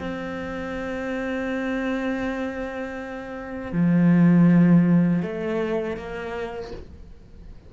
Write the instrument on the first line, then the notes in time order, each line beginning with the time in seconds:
cello
0.00 C4
3.73 F3
5.23 A3
5.97 A#3